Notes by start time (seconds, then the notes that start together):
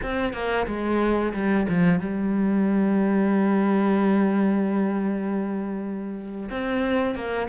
0.02 C4
0.33 A#3
0.66 G#3
1.33 G3
1.68 F3
1.99 G3
6.50 C4
7.15 A#3